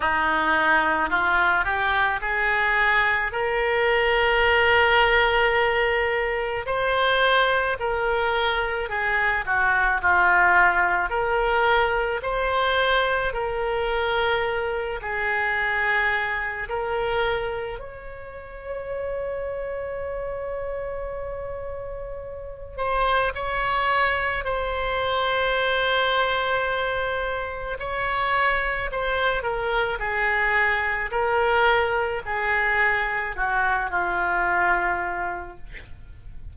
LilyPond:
\new Staff \with { instrumentName = "oboe" } { \time 4/4 \tempo 4 = 54 dis'4 f'8 g'8 gis'4 ais'4~ | ais'2 c''4 ais'4 | gis'8 fis'8 f'4 ais'4 c''4 | ais'4. gis'4. ais'4 |
cis''1~ | cis''8 c''8 cis''4 c''2~ | c''4 cis''4 c''8 ais'8 gis'4 | ais'4 gis'4 fis'8 f'4. | }